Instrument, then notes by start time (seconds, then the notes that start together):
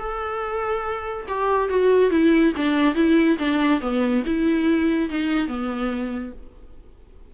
viola
0.00 A4
1.28 G4
1.70 F#4
2.11 E4
2.57 D4
2.95 E4
3.39 D4
3.81 B3
4.26 E4
5.10 D#4
5.48 B3